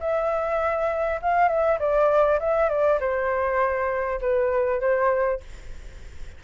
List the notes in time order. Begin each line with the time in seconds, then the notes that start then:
0.00 E5
1.22 F5
1.48 E5
1.79 D5
2.39 E5
2.69 D5
3.00 C5
4.21 B4
4.80 C5